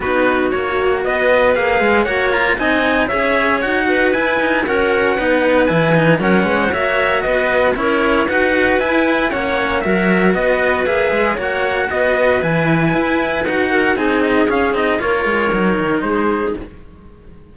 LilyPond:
<<
  \new Staff \with { instrumentName = "trumpet" } { \time 4/4 \tempo 4 = 116 b'4 cis''4 dis''4 f''4 | fis''8 ais''8 gis''4 e''4 fis''4 | gis''4 fis''2 gis''4 | fis''4 e''4 dis''4 cis''4 |
fis''4 gis''4 fis''4 e''4 | dis''4 e''4 fis''4 dis''4 | gis''2 fis''4 gis''8 dis''8 | f''8 dis''8 cis''2 c''4 | }
  \new Staff \with { instrumentName = "clarinet" } { \time 4/4 fis'2 b'2 | cis''4 dis''4 cis''4. b'8~ | b'4 ais'4 b'2 | ais'8 b'16 c''16 cis''4 b'4 ais'4 |
b'2 cis''4 ais'4 | b'2 cis''4 b'4~ | b'2~ b'8 ais'8 gis'4~ | gis'4 ais'2 gis'4 | }
  \new Staff \with { instrumentName = "cello" } { \time 4/4 dis'4 fis'2 gis'4 | fis'8 f'8 dis'4 gis'4 fis'4 | e'8 dis'8 cis'4 dis'4 e'8 dis'8 | cis'4 fis'2 e'4 |
fis'4 e'4 cis'4 fis'4~ | fis'4 gis'4 fis'2 | e'2 fis'4 dis'4 | cis'8 dis'8 f'4 dis'2 | }
  \new Staff \with { instrumentName = "cello" } { \time 4/4 b4 ais4 b4 ais8 gis8 | ais4 c'4 cis'4 dis'4 | e'4 fis'4 b4 e4 | fis8 gis8 ais4 b4 cis'4 |
dis'4 e'4 ais4 fis4 | b4 ais8 gis8 ais4 b4 | e4 e'4 dis'4 c'4 | cis'8 c'8 ais8 gis8 fis8 dis8 gis4 | }
>>